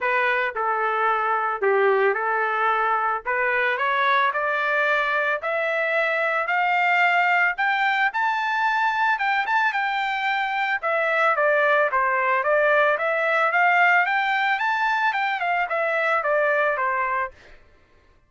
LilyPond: \new Staff \with { instrumentName = "trumpet" } { \time 4/4 \tempo 4 = 111 b'4 a'2 g'4 | a'2 b'4 cis''4 | d''2 e''2 | f''2 g''4 a''4~ |
a''4 g''8 a''8 g''2 | e''4 d''4 c''4 d''4 | e''4 f''4 g''4 a''4 | g''8 f''8 e''4 d''4 c''4 | }